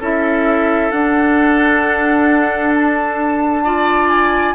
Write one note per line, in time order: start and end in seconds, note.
0.00 0.91 C#4
0.00 0.92 E4
0.00 3.64 A4
0.00 0.91 E5
0.91 4.55 D4
0.91 3.64 D4
0.91 2.73 F#5
2.74 4.09 A5
3.64 4.55 F4
3.64 4.55 D5
4.09 4.55 G#5